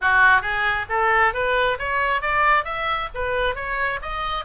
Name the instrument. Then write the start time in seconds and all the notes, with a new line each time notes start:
oboe
0.01 F#4
0.41 G#4
0.89 A4
1.33 B4
1.78 C#5
2.21 D5
2.64 E5
3.14 B4
3.55 C#5
4.01 D#5